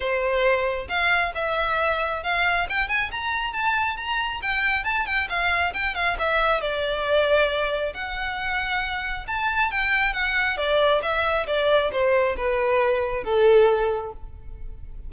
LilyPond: \new Staff \with { instrumentName = "violin" } { \time 4/4 \tempo 4 = 136 c''2 f''4 e''4~ | e''4 f''4 g''8 gis''8 ais''4 | a''4 ais''4 g''4 a''8 g''8 | f''4 g''8 f''8 e''4 d''4~ |
d''2 fis''2~ | fis''4 a''4 g''4 fis''4 | d''4 e''4 d''4 c''4 | b'2 a'2 | }